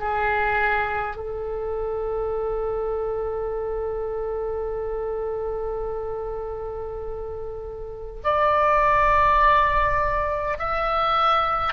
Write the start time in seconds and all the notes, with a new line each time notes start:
0.00 G#4
1.17 A4
8.24 D5
10.59 E5